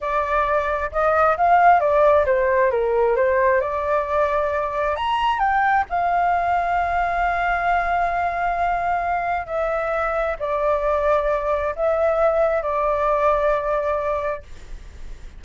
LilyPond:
\new Staff \with { instrumentName = "flute" } { \time 4/4 \tempo 4 = 133 d''2 dis''4 f''4 | d''4 c''4 ais'4 c''4 | d''2. ais''4 | g''4 f''2.~ |
f''1~ | f''4 e''2 d''4~ | d''2 e''2 | d''1 | }